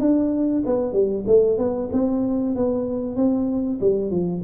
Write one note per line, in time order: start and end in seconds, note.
0.00 0.63 D4
0.66 0.93 B3
0.93 1.24 G3
1.27 1.58 A3
1.58 1.89 B3
1.92 2.56 C4
2.56 3.16 B3
3.16 3.79 C4
3.81 4.11 G3
4.11 4.42 F3